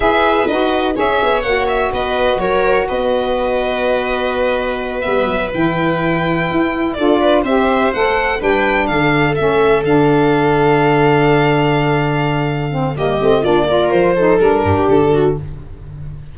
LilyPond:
<<
  \new Staff \with { instrumentName = "violin" } { \time 4/4 \tempo 4 = 125 e''4 dis''4 e''4 fis''8 e''8 | dis''4 cis''4 dis''2~ | dis''2~ dis''8 e''4 g''8~ | g''2~ g''8 d''4 e''8~ |
e''8 fis''4 g''4 f''4 e''8~ | e''8 f''2.~ f''8~ | f''2. dis''4 | d''4 c''4 ais'4 a'4 | }
  \new Staff \with { instrumentName = "viola" } { \time 4/4 b'2 cis''2 | b'4 ais'4 b'2~ | b'1~ | b'2~ b'8 a'8 b'8 c''8~ |
c''4. b'4 a'4.~ | a'1~ | a'2. g'4 | f'8 ais'4 a'4 g'4 fis'8 | }
  \new Staff \with { instrumentName = "saxophone" } { \time 4/4 gis'4 fis'4 gis'4 fis'4~ | fis'1~ | fis'2~ fis'8 b4 e'8~ | e'2~ e'8 f'4 g'8~ |
g'8 a'4 d'2 cis'8~ | cis'8 d'2.~ d'8~ | d'2~ d'8 c'8 ais8 c'8 | d'8 f'4 dis'8 d'2 | }
  \new Staff \with { instrumentName = "tuba" } { \time 4/4 e'4 dis'4 cis'8 b8 ais4 | b4 fis4 b2~ | b2~ b8 g8 fis8 e8~ | e4. e'4 d'4 c'8~ |
c'8 a4 g4 d4 a8~ | a8 d2.~ d8~ | d2. g8 a8 | ais4 f4 g8 g,8 d4 | }
>>